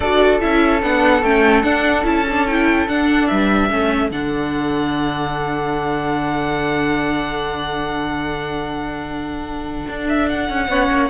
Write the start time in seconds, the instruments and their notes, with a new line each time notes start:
0.00 cello D4, viola F#4, flute A4, violin D5
0.39 cello C#4, viola E4, violin E5
0.82 cello B3, viola D4, violin F#5
1.22 cello A3, viola C#4, violin G5
1.63 viola D4, cello D4, violin F#5
2.03 cello C#4, viola E4, violin A5
2.29 viola D4
2.47 viola E4, violin G5
2.87 viola D4, cello D4, violin F#5
3.27 cello G3, flute B4, violin E5
3.69 cello A3, viola C#4, flute A4
4.10 cello D3, viola D4, violin F#5
9.88 cello D4
10.08 violin E5
10.29 violin F#5
10.49 cello C#4
10.67 cello B3, viola C#4, flute C#5
10.90 cello A#3